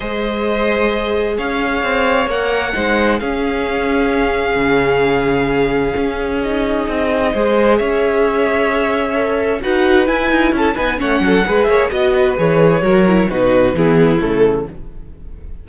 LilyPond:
<<
  \new Staff \with { instrumentName = "violin" } { \time 4/4 \tempo 4 = 131 dis''2. f''4~ | f''4 fis''2 f''4~ | f''1~ | f''2 dis''2~ |
dis''4 e''2.~ | e''4 fis''4 gis''4 a''8 gis''8 | fis''4. e''8 dis''4 cis''4~ | cis''4 b'4 gis'4 a'4 | }
  \new Staff \with { instrumentName = "violin" } { \time 4/4 c''2. cis''4~ | cis''2 c''4 gis'4~ | gis'1~ | gis'1 |
c''4 cis''2.~ | cis''4 b'2 a'8 b'8 | cis''8 a'8 b'8 cis''8 dis''8 b'4. | ais'4 fis'4 e'2 | }
  \new Staff \with { instrumentName = "viola" } { \time 4/4 gis'1~ | gis'4 ais'4 dis'4 cis'4~ | cis'1~ | cis'2 dis'2 |
gis'1 | a'4 fis'4 e'4. dis'8 | cis'4 gis'4 fis'4 gis'4 | fis'8 e'8 dis'4 b4 a4 | }
  \new Staff \with { instrumentName = "cello" } { \time 4/4 gis2. cis'4 | c'4 ais4 gis4 cis'4~ | cis'2 cis2~ | cis4 cis'2 c'4 |
gis4 cis'2.~ | cis'4 dis'4 e'8 dis'8 cis'8 b8 | a8 fis8 gis8 ais8 b4 e4 | fis4 b,4 e4 cis4 | }
>>